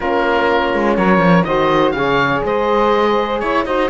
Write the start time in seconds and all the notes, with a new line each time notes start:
0.00 A#3 C#4 F4 A#4
0.73 G#3
0.96 F#3 A#4 C#5
1.17 F3
1.43 D#3 F#4 C5 D#5
1.91 C#3 G#4 C#5 F5
2.44 G#3 C5 D#5
3.39 E4 C#5
3.65 D#4 F#4 C5 D#5